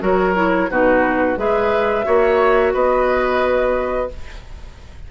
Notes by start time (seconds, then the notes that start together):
0.00 F#3 F#4 A#4 C#5
0.36 E4
0.70 B2 D#4 F#4 B4
1.37 G#3 G#4 B4 E5
2.05 A#3 F#4 C#5
2.73 B3 B4 D#5